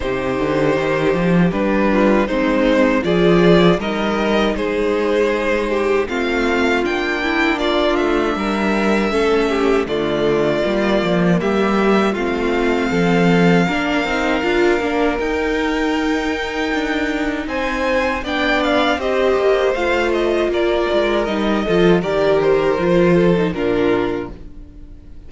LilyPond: <<
  \new Staff \with { instrumentName = "violin" } { \time 4/4 \tempo 4 = 79 c''2 b'4 c''4 | d''4 dis''4 c''2 | f''4 g''4 d''8 e''4.~ | e''4 d''2 e''4 |
f''1 | g''2. gis''4 | g''8 f''8 dis''4 f''8 dis''8 d''4 | dis''4 d''8 c''4. ais'4 | }
  \new Staff \with { instrumentName = "violin" } { \time 4/4 g'2~ g'8 f'8 dis'4 | gis'4 ais'4 gis'4. g'8 | f'4. e'8 f'4 ais'4 | a'8 g'8 f'2 g'4 |
f'4 a'4 ais'2~ | ais'2. c''4 | d''4 c''2 ais'4~ | ais'8 a'8 ais'4. a'8 f'4 | }
  \new Staff \with { instrumentName = "viola" } { \time 4/4 dis'2 d'4 c'4 | f'4 dis'2. | c'4 d'2. | cis'4 a4 ais2 |
c'2 d'8 dis'8 f'8 d'8 | dis'1 | d'4 g'4 f'2 | dis'8 f'8 g'4 f'8. dis'16 d'4 | }
  \new Staff \with { instrumentName = "cello" } { \time 4/4 c8 d8 dis8 f8 g4 gis4 | f4 g4 gis2 | a4 ais4. a8 g4 | a4 d4 g8 f8 g4 |
a4 f4 ais8 c'8 d'8 ais8 | dis'2 d'4 c'4 | b4 c'8 ais8 a4 ais8 gis8 | g8 f8 dis4 f4 ais,4 | }
>>